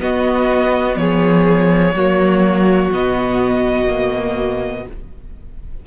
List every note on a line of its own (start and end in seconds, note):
0.00 0.96 B3
0.00 1.94 B3
0.00 0.99 F#4
0.00 0.97 D#5
0.96 1.93 F3
0.96 1.95 G#4
0.96 2.91 C#5
1.93 2.90 F#3
1.93 2.92 A#3
1.93 4.85 F#4
2.92 4.86 B2
2.92 3.87 B3
2.92 4.87 D#5
3.87 4.84 A#3